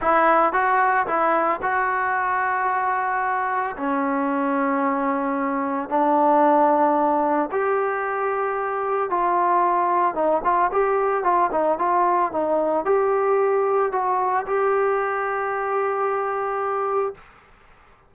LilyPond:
\new Staff \with { instrumentName = "trombone" } { \time 4/4 \tempo 4 = 112 e'4 fis'4 e'4 fis'4~ | fis'2. cis'4~ | cis'2. d'4~ | d'2 g'2~ |
g'4 f'2 dis'8 f'8 | g'4 f'8 dis'8 f'4 dis'4 | g'2 fis'4 g'4~ | g'1 | }